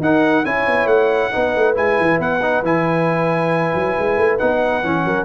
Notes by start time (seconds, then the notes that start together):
0.00 D#4 A#4 F#5
0.45 C#4 E4 C#5 G#5
0.67 B3
0.86 A3 F#5
1.32 B3 D#4 B4
1.56 A3
1.75 G#3 E4 G#5
2.00 E3
2.20 B3 F#5
2.42 D#4
2.63 E3 E4 G#5
3.75 F#3
3.99 G#3
4.17 A3
4.39 B3 D#4 F#5
4.83 E3 C#4
5.05 F#3 A#4